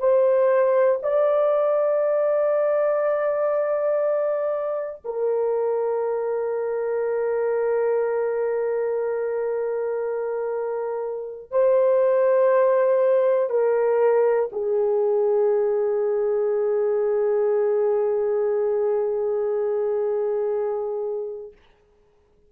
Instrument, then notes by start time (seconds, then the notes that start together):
horn
0.00 C5
1.03 D5
5.05 A#4
11.51 C5
13.50 A#4
14.52 G#4